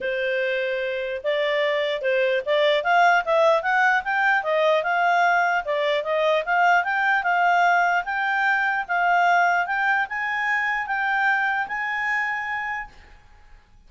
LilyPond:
\new Staff \with { instrumentName = "clarinet" } { \time 4/4 \tempo 4 = 149 c''2. d''4~ | d''4 c''4 d''4 f''4 | e''4 fis''4 g''4 dis''4 | f''2 d''4 dis''4 |
f''4 g''4 f''2 | g''2 f''2 | g''4 gis''2 g''4~ | g''4 gis''2. | }